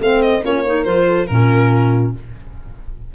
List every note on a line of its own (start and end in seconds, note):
0.00 0.42 A3
0.00 0.42 C4
0.00 0.44 C5
0.00 0.23 F5
0.23 0.44 D#5
0.42 0.86 A#3
0.42 0.63 C#4
0.42 0.66 F4
0.42 0.85 C#5
0.66 0.85 D#4
0.66 1.08 A#4
0.85 1.28 F3
0.85 1.27 F4
0.85 1.27 C5
1.08 1.29 A4
1.27 2.14 A#2
1.27 2.15 C#4
1.27 2.15 F4
1.27 2.11 A#4